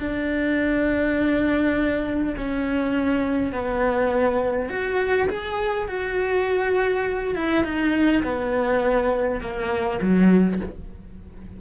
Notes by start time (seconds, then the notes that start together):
0.00 D4
2.38 C#4
3.53 B3
4.70 F#4
5.30 G#4
5.89 F#4
7.36 E4
7.64 D#4
8.24 B3
9.41 A#3
10.02 F#3